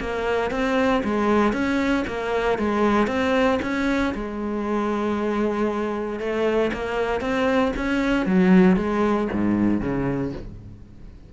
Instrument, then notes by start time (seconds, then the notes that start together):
cello
0.00 A#3
0.51 C4
1.04 G#3
1.53 C#4
2.07 A#3
2.59 G#3
3.07 C4
3.62 C#4
4.14 G#3
6.20 A3
6.73 A#3
7.21 C4
7.76 C#4
8.26 F#3
8.76 G#3
9.32 G#2
9.81 C#3